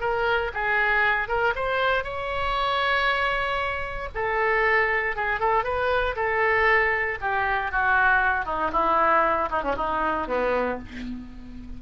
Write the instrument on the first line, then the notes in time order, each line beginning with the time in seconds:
oboe
0.00 A#4
0.54 G#4
1.28 A#4
1.55 C5
2.04 C#5
4.15 A4
5.16 G#4
5.40 A4
5.64 B4
6.15 A4
7.21 G4
7.71 F#4
8.45 D#4
8.72 E4
9.50 D#4
9.62 C#4
9.76 D#4
10.27 B3